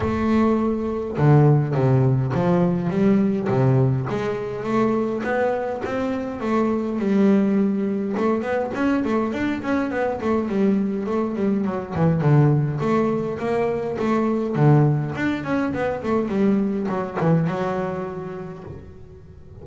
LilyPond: \new Staff \with { instrumentName = "double bass" } { \time 4/4 \tempo 4 = 103 a2 d4 c4 | f4 g4 c4 gis4 | a4 b4 c'4 a4 | g2 a8 b8 cis'8 a8 |
d'8 cis'8 b8 a8 g4 a8 g8 | fis8 e8 d4 a4 ais4 | a4 d4 d'8 cis'8 b8 a8 | g4 fis8 e8 fis2 | }